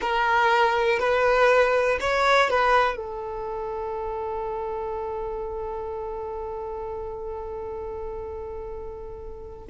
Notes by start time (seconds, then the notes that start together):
0.01 A#4
0.99 B4
2.00 C#5
2.50 B4
2.96 A4